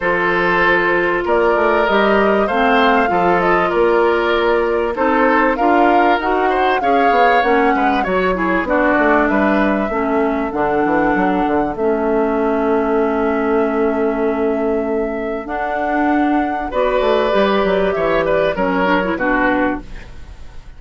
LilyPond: <<
  \new Staff \with { instrumentName = "flute" } { \time 4/4 \tempo 4 = 97 c''2 d''4 dis''4 | f''4. dis''8 d''2 | c''4 f''4 fis''4 f''4 | fis''4 cis''4 d''4 e''4~ |
e''4 fis''2 e''4~ | e''1~ | e''4 fis''2 d''4~ | d''4 e''8 d''8 cis''4 b'4 | }
  \new Staff \with { instrumentName = "oboe" } { \time 4/4 a'2 ais'2 | c''4 a'4 ais'2 | a'4 ais'4. c''8 cis''4~ | cis''8 b'8 cis''8 gis'8 fis'4 b'4 |
a'1~ | a'1~ | a'2. b'4~ | b'4 cis''8 b'8 ais'4 fis'4 | }
  \new Staff \with { instrumentName = "clarinet" } { \time 4/4 f'2. g'4 | c'4 f'2. | dis'4 f'4 fis'4 gis'4 | cis'4 fis'8 e'8 d'2 |
cis'4 d'2 cis'4~ | cis'1~ | cis'4 d'2 fis'4 | g'2 cis'8 d'16 e'16 d'4 | }
  \new Staff \with { instrumentName = "bassoon" } { \time 4/4 f2 ais8 a8 g4 | a4 f4 ais2 | c'4 d'4 dis'4 cis'8 b8 | ais8 gis8 fis4 b8 a8 g4 |
a4 d8 e8 fis8 d8 a4~ | a1~ | a4 d'2 b8 a8 | g8 fis8 e4 fis4 b,4 | }
>>